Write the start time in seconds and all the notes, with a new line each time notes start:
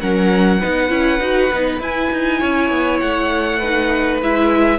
0.00 F#3 C#4 A#4 F#5
0.59 B3 D#4 B4
0.89 C#4 E4
1.20 D#4 F#4
1.53 B3 D#4
1.79 E4 G#5
2.12 D#4
2.39 C#4 C#5
2.70 B3
3.00 A3 F#5
3.59 D#4 B4
4.22 G#3 E4 E5